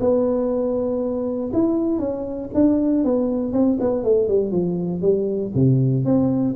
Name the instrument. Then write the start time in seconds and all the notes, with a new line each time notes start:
tuba
0.00 B3
1.53 E4
1.99 C#4
2.54 D4
3.04 B3
3.53 C4
3.80 B3
4.04 A3
4.28 G3
4.51 F3
5.01 G3
5.54 C3
6.05 C4